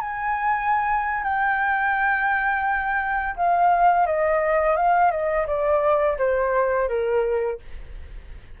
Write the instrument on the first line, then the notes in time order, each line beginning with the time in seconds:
flute
0.00 G#5
1.23 G5
3.36 F5
4.06 D#5
4.76 F5
5.11 D#5
5.46 D5
6.18 C5
6.88 A#4